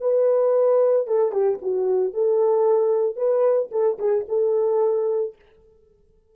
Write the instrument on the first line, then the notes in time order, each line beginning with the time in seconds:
horn
0.00 B4
1.07 A4
1.31 G4
1.62 F#4
2.13 A4
3.16 B4
3.71 A4
3.99 G#4
4.28 A4